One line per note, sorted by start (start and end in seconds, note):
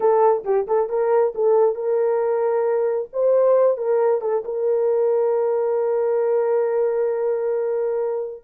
0.00 0.43 A4
0.44 0.66 G4
0.67 0.89 A4
0.89 1.33 A#4
1.34 1.75 A4
1.75 3.08 A#4
3.13 3.77 C5
3.77 4.21 A#4
4.21 4.43 A4
4.44 8.43 A#4